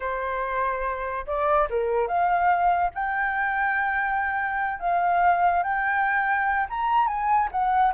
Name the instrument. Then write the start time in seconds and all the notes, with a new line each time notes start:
flute
0.00 C5
1.26 D5
1.70 A#4
2.07 F5
2.94 G5
4.79 F5
5.63 G5
6.69 A#5
7.07 G#5
7.51 F#5